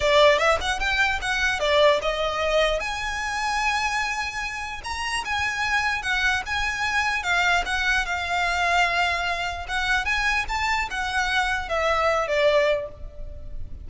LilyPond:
\new Staff \with { instrumentName = "violin" } { \time 4/4 \tempo 4 = 149 d''4 e''8 fis''8 g''4 fis''4 | d''4 dis''2 gis''4~ | gis''1 | ais''4 gis''2 fis''4 |
gis''2 f''4 fis''4 | f''1 | fis''4 gis''4 a''4 fis''4~ | fis''4 e''4. d''4. | }